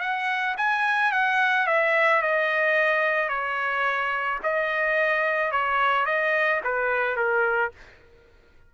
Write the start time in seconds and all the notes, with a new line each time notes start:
0.00 F#5
0.57 G#5
1.12 F#5
1.67 E5
2.22 D#5
3.29 C#5
4.43 D#5
5.52 C#5
6.06 D#5
6.64 B4
7.16 A#4